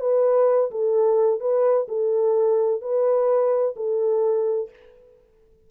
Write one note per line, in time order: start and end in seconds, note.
0.00 0.70 B4
0.71 1.40 A4
1.40 1.87 B4
1.88 2.81 A4
2.81 3.75 B4
3.76 4.70 A4